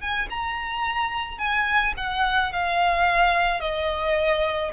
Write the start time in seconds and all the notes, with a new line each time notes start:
0.00 G#5
0.29 A#5
1.38 G#5
1.97 F#5
2.52 F5
3.60 D#5